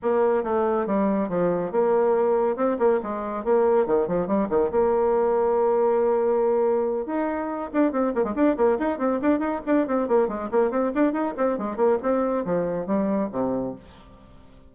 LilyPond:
\new Staff \with { instrumentName = "bassoon" } { \time 4/4 \tempo 4 = 140 ais4 a4 g4 f4 | ais2 c'8 ais8 gis4 | ais4 dis8 f8 g8 dis8 ais4~ | ais1~ |
ais8 dis'4. d'8 c'8 ais16 gis16 d'8 | ais8 dis'8 c'8 d'8 dis'8 d'8 c'8 ais8 | gis8 ais8 c'8 d'8 dis'8 c'8 gis8 ais8 | c'4 f4 g4 c4 | }